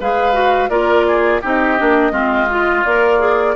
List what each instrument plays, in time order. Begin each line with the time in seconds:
0.00 bassoon G#3, clarinet G#4, oboe B4, flute F5
0.33 clarinet F#4
0.69 bassoon A#3, clarinet F4, oboe A#4, flute D5
1.07 oboe G#4
1.41 bassoon C4, clarinet D#4, oboe G4, flute D#5
1.78 bassoon A#3, clarinet D4
2.12 bassoon G#3, clarinet C4, oboe F4
2.50 clarinet F4
2.84 bassoon A#3, clarinet A#4, flute D5
3.19 clarinet G#4